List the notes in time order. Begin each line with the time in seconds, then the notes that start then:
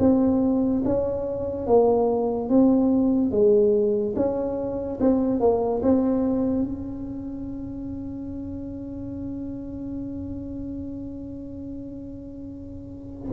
0.00 C4
0.85 C#4
1.67 A#3
2.50 C4
3.31 G#3
4.16 C#4
5.00 C4
5.40 A#3
5.83 C4
6.63 C#4